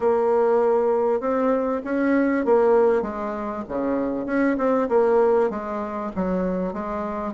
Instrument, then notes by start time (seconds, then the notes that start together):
bassoon
0.00 A#3
1.20 C4
1.84 C#4
2.45 A#3
3.02 G#3
3.68 C#3
4.26 C#4
4.58 C4
4.88 A#3
5.50 G#3
6.15 F#3
6.73 G#3